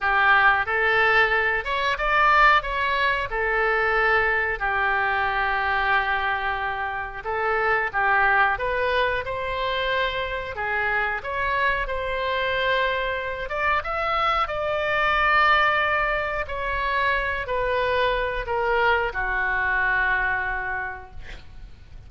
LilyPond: \new Staff \with { instrumentName = "oboe" } { \time 4/4 \tempo 4 = 91 g'4 a'4. cis''8 d''4 | cis''4 a'2 g'4~ | g'2. a'4 | g'4 b'4 c''2 |
gis'4 cis''4 c''2~ | c''8 d''8 e''4 d''2~ | d''4 cis''4. b'4. | ais'4 fis'2. | }